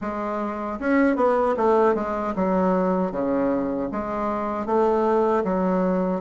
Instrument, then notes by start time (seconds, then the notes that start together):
bassoon
0.01 G#3
0.79 C#4
1.16 B3
1.56 A3
1.94 G#3
2.35 F#3
3.11 C#3
3.91 G#3
4.65 A3
5.44 F#3